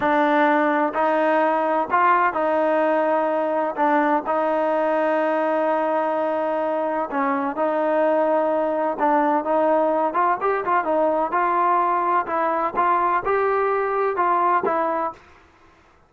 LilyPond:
\new Staff \with { instrumentName = "trombone" } { \time 4/4 \tempo 4 = 127 d'2 dis'2 | f'4 dis'2. | d'4 dis'2.~ | dis'2. cis'4 |
dis'2. d'4 | dis'4. f'8 g'8 f'8 dis'4 | f'2 e'4 f'4 | g'2 f'4 e'4 | }